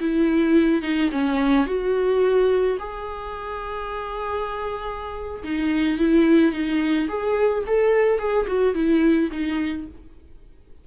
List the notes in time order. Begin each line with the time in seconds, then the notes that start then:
0.00 E4
0.82 D#4
1.12 C#4
1.67 F#4
2.79 G#4
5.44 D#4
5.99 E4
6.53 D#4
7.09 G#4
7.67 A4
8.19 G#4
8.47 F#4
8.75 E4
9.32 D#4